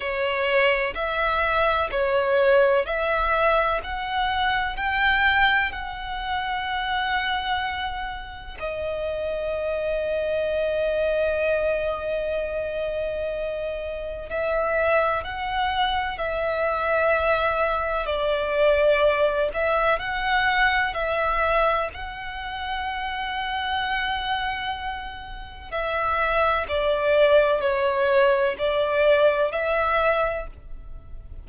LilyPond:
\new Staff \with { instrumentName = "violin" } { \time 4/4 \tempo 4 = 63 cis''4 e''4 cis''4 e''4 | fis''4 g''4 fis''2~ | fis''4 dis''2.~ | dis''2. e''4 |
fis''4 e''2 d''4~ | d''8 e''8 fis''4 e''4 fis''4~ | fis''2. e''4 | d''4 cis''4 d''4 e''4 | }